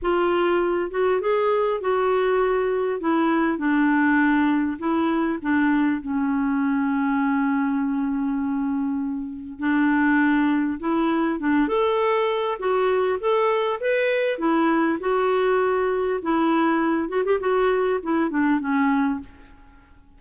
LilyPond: \new Staff \with { instrumentName = "clarinet" } { \time 4/4 \tempo 4 = 100 f'4. fis'8 gis'4 fis'4~ | fis'4 e'4 d'2 | e'4 d'4 cis'2~ | cis'1 |
d'2 e'4 d'8 a'8~ | a'4 fis'4 a'4 b'4 | e'4 fis'2 e'4~ | e'8 fis'16 g'16 fis'4 e'8 d'8 cis'4 | }